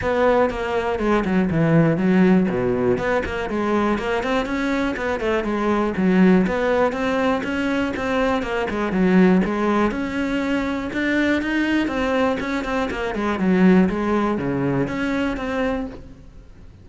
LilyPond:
\new Staff \with { instrumentName = "cello" } { \time 4/4 \tempo 4 = 121 b4 ais4 gis8 fis8 e4 | fis4 b,4 b8 ais8 gis4 | ais8 c'8 cis'4 b8 a8 gis4 | fis4 b4 c'4 cis'4 |
c'4 ais8 gis8 fis4 gis4 | cis'2 d'4 dis'4 | c'4 cis'8 c'8 ais8 gis8 fis4 | gis4 cis4 cis'4 c'4 | }